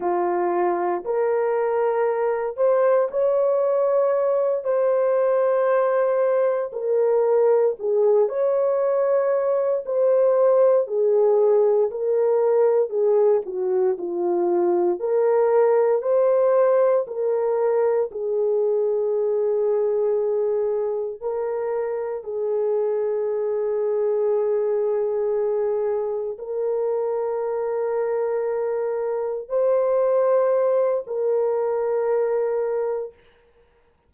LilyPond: \new Staff \with { instrumentName = "horn" } { \time 4/4 \tempo 4 = 58 f'4 ais'4. c''8 cis''4~ | cis''8 c''2 ais'4 gis'8 | cis''4. c''4 gis'4 ais'8~ | ais'8 gis'8 fis'8 f'4 ais'4 c''8~ |
c''8 ais'4 gis'2~ gis'8~ | gis'8 ais'4 gis'2~ gis'8~ | gis'4. ais'2~ ais'8~ | ais'8 c''4. ais'2 | }